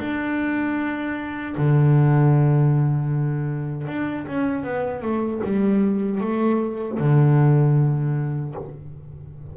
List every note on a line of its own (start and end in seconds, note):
0.00 1.56 D4
1.58 3.87 D3
3.87 4.26 D4
4.28 4.64 C#4
4.64 5.02 B3
5.02 5.41 A3
5.44 6.21 G3
6.21 6.99 A3
7.00 8.55 D3